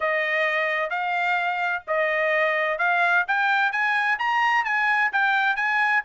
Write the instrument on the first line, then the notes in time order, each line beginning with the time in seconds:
trumpet
0.00 D#5
0.89 F5
1.87 D#5
2.78 F5
3.27 G5
3.71 G#5
4.19 A#5
4.64 G#5
5.12 G5
5.56 G#5